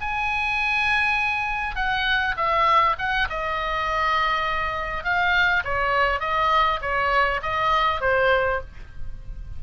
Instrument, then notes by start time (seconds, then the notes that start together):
oboe
0.00 G#5
1.75 F#5
2.36 E5
2.98 F#5
3.29 D#5
5.04 F5
5.64 C#5
6.20 D#5
6.81 C#5
7.42 D#5
8.01 C5